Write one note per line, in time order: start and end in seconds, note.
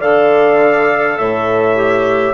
0.00 1.19 D3
0.00 1.76 A4
0.00 1.18 D5
0.00 1.18 F5
1.18 2.34 A2
1.18 2.34 C#5
1.18 2.34 E5
1.76 2.34 G4